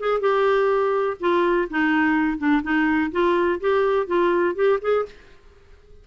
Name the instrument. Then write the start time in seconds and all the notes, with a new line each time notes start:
clarinet
0.00 G#4
0.21 G4
1.20 F4
1.70 D#4
2.38 D4
2.63 D#4
3.12 F4
3.61 G4
4.07 F4
4.55 G4
4.82 G#4